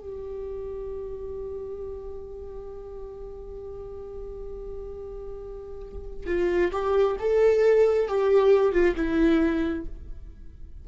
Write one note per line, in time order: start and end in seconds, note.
0.00 6.27 G4
6.27 6.72 F4
6.72 7.17 G4
7.20 8.08 A4
8.08 8.72 G4
8.72 8.95 F4
8.96 9.85 E4